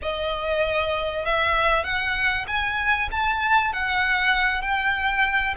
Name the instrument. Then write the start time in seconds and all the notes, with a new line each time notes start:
violin
0.01 D#5
1.25 E5
1.84 F#5
2.47 G#5
3.11 A5
3.73 F#5
4.61 G5